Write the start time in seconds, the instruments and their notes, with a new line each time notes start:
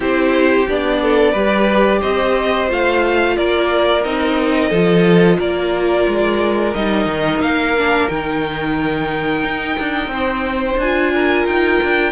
0.00 cello C4, viola E4, violin G4 C5
0.68 cello B3, viola D4, violin D5
1.02 violin A4
1.32 cello G3, viola G4, violin B4
2.00 cello C4, violin C5 D#5
2.68 cello A3, viola F4, violin F5
3.37 cello A#3, violin A#4 D5
4.04 cello C4, viola D#4, violin D#5
4.69 cello F3, viola F4, violin A4
5.38 cello A#3, violin A#4 D5
6.07 cello G#3
6.74 cello G3, viola D#4, violin D#5
7.05 cello D#3
7.39 cello A#3, violin F5
7.77 viola D4
8.08 cello D#3, viola D#4, violin G5
9.43 cello D#4
9.79 cello D4
10.07 cello C4, violin C5
10.77 cello D4, viola F4, violin G#5
11.13 violin A#4
11.46 cello D#4, violin G5
11.83 cello D4